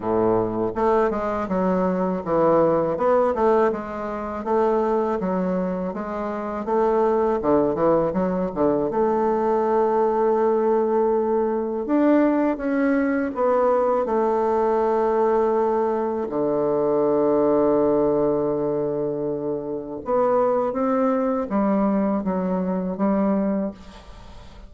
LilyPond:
\new Staff \with { instrumentName = "bassoon" } { \time 4/4 \tempo 4 = 81 a,4 a8 gis8 fis4 e4 | b8 a8 gis4 a4 fis4 | gis4 a4 d8 e8 fis8 d8 | a1 |
d'4 cis'4 b4 a4~ | a2 d2~ | d2. b4 | c'4 g4 fis4 g4 | }